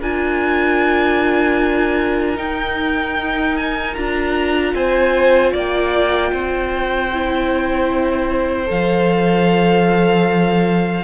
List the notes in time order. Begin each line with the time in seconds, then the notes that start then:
0.00 D4 F4 A#4 G#5
2.36 D#4 G5
3.57 G#5
3.95 D4 F4 A#5
4.74 C4 C5 G#5
5.52 A#3 D5 G5
6.32 C4 C5
7.13 E4
8.67 F3 A4 F5